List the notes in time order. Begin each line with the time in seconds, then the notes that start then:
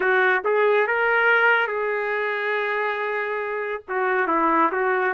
0.00 F#4
0.44 G#4
0.87 A#4
1.67 G#4
3.88 F#4
4.27 E4
4.71 F#4